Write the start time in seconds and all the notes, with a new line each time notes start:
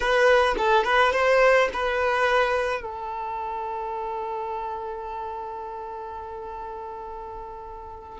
0.00 B4
0.57 A4
0.84 B4
1.12 C5
1.73 B4
2.81 A4